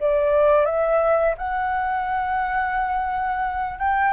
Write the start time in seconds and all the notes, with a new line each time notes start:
0.00 D5
0.65 E5
1.38 F#5
3.79 G5